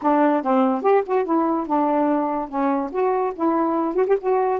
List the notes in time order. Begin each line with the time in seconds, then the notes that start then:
0.02 D4
0.42 C4
0.81 G4
1.05 F#4
1.25 E4
1.66 D4
2.48 C#4
2.91 F#4
3.35 E4
3.95 F#4
4.06 G4
4.20 F#4